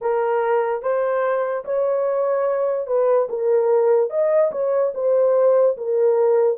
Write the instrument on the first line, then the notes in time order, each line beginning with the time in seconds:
horn
0.01 A#4
0.82 C5
1.64 C#5
2.87 B4
3.29 A#4
4.09 D#5
4.51 C#5
4.94 C5
5.77 A#4